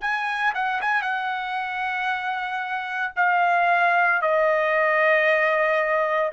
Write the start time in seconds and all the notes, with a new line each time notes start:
0.00 G#5
0.54 F#5
0.81 G#5
1.02 F#5
3.16 F5
4.21 D#5